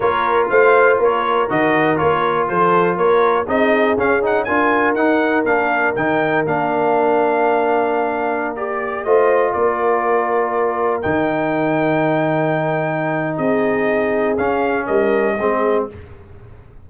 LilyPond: <<
  \new Staff \with { instrumentName = "trumpet" } { \time 4/4 \tempo 4 = 121 cis''4 f''4 cis''4 dis''4 | cis''4 c''4 cis''4 dis''4 | f''8 fis''8 gis''4 fis''4 f''4 | g''4 f''2.~ |
f''4~ f''16 d''4 dis''4 d''8.~ | d''2~ d''16 g''4.~ g''16~ | g''2. dis''4~ | dis''4 f''4 dis''2 | }
  \new Staff \with { instrumentName = "horn" } { \time 4/4 ais'4 c''4 ais'2~ | ais'4 a'4 ais'4 gis'4~ | gis'4 ais'2.~ | ais'1~ |
ais'2~ ais'16 c''4 ais'8.~ | ais'1~ | ais'2. gis'4~ | gis'2 ais'4 gis'4 | }
  \new Staff \with { instrumentName = "trombone" } { \time 4/4 f'2. fis'4 | f'2. dis'4 | cis'8 dis'8 f'4 dis'4 d'4 | dis'4 d'2.~ |
d'4~ d'16 g'4 f'4.~ f'16~ | f'2~ f'16 dis'4.~ dis'16~ | dis'1~ | dis'4 cis'2 c'4 | }
  \new Staff \with { instrumentName = "tuba" } { \time 4/4 ais4 a4 ais4 dis4 | ais4 f4 ais4 c'4 | cis'4 d'4 dis'4 ais4 | dis4 ais2.~ |
ais2~ ais16 a4 ais8.~ | ais2~ ais16 dis4.~ dis16~ | dis2. c'4~ | c'4 cis'4 g4 gis4 | }
>>